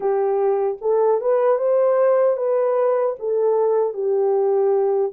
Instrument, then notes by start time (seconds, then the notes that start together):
horn
0.00 G4
0.81 A4
1.21 B4
1.58 C5
2.36 B4
3.19 A4
3.93 G4